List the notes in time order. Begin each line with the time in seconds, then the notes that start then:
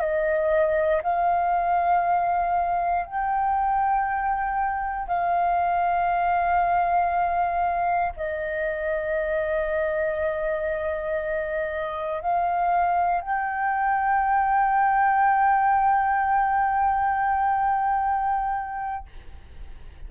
0.00 D#5
1.03 F5
3.06 G5
5.08 F5
8.16 D#5
12.22 F5
13.21 G5